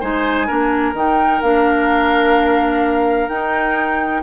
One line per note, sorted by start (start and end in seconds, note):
0.00 0.49 G#3
0.00 0.47 D#4
0.00 0.47 C5
0.00 0.94 G#5
0.47 0.93 A#3
0.47 0.94 D4
0.47 4.22 A#4
0.93 1.40 D#3
0.93 1.43 D#4
0.93 1.42 G5
1.42 3.28 A#3
1.42 3.30 D4
1.42 3.29 F5
3.28 4.22 D#4
3.28 4.23 D#4
3.28 4.22 G5